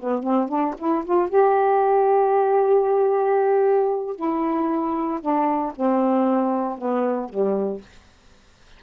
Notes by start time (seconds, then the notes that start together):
0.00 B3
0.23 C4
0.49 D4
0.78 E4
1.05 F4
1.29 G4
4.16 E4
5.21 D4
5.76 C4
6.78 B3
7.29 G3